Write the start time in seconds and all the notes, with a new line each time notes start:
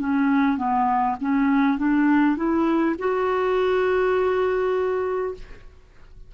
0.00 C#4
0.57 B3
1.21 C#4
1.78 D4
2.36 E4
2.98 F#4